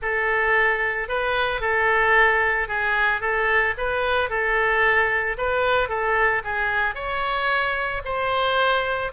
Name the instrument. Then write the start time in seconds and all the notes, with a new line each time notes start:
oboe
0.01 A4
1.08 B4
1.60 A4
2.68 G#4
3.20 A4
3.77 B4
4.29 A4
5.37 B4
5.88 A4
6.44 G#4
6.94 C#5
8.04 C5